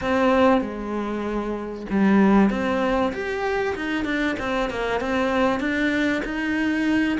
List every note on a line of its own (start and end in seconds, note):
0.01 0.61 C4
0.61 1.86 G#3
1.89 2.50 G3
2.50 3.12 C4
3.12 3.75 G4
3.75 4.05 D#4
4.05 4.36 D4
4.39 4.70 C4
4.70 5.00 A#3
5.00 5.59 C4
5.59 6.22 D4
6.24 7.18 D#4